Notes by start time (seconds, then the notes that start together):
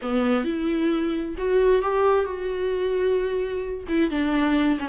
0.01 B3
0.44 E4
1.37 F#4
1.81 G4
2.25 F#4
3.88 E4
4.10 D4
4.79 C#4